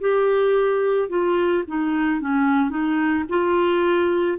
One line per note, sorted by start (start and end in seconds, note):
0.00 1.09 G4
1.09 1.64 F4
1.67 2.21 D#4
2.21 2.70 C#4
2.70 3.24 D#4
3.29 4.38 F4